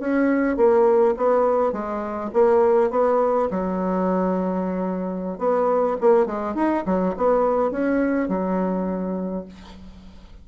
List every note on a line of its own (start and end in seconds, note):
0.00 0.57 C#4
0.57 1.15 A#3
1.17 1.73 B3
1.73 2.31 G#3
2.33 2.91 A#3
2.91 3.49 B3
3.51 5.39 F#3
5.39 5.97 B3
6.01 6.26 A#3
6.26 6.55 G#3
6.55 6.84 D#4
6.86 7.15 F#3
7.17 7.72 B3
7.72 8.29 C#4
8.29 9.45 F#3